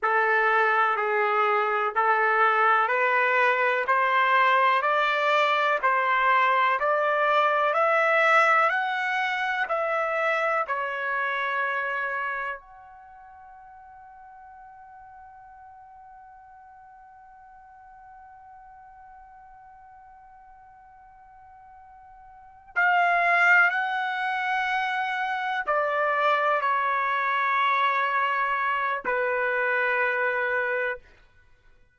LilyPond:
\new Staff \with { instrumentName = "trumpet" } { \time 4/4 \tempo 4 = 62 a'4 gis'4 a'4 b'4 | c''4 d''4 c''4 d''4 | e''4 fis''4 e''4 cis''4~ | cis''4 fis''2.~ |
fis''1~ | fis''2.~ fis''8 f''8~ | f''8 fis''2 d''4 cis''8~ | cis''2 b'2 | }